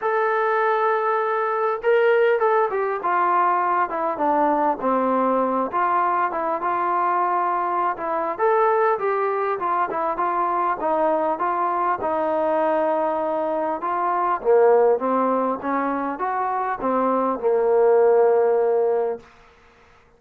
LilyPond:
\new Staff \with { instrumentName = "trombone" } { \time 4/4 \tempo 4 = 100 a'2. ais'4 | a'8 g'8 f'4. e'8 d'4 | c'4. f'4 e'8 f'4~ | f'4~ f'16 e'8. a'4 g'4 |
f'8 e'8 f'4 dis'4 f'4 | dis'2. f'4 | ais4 c'4 cis'4 fis'4 | c'4 ais2. | }